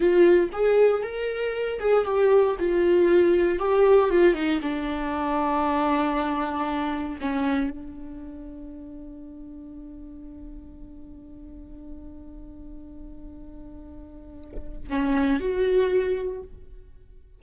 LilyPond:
\new Staff \with { instrumentName = "viola" } { \time 4/4 \tempo 4 = 117 f'4 gis'4 ais'4. gis'8 | g'4 f'2 g'4 | f'8 dis'8 d'2.~ | d'2 cis'4 d'4~ |
d'1~ | d'1~ | d'1~ | d'4 cis'4 fis'2 | }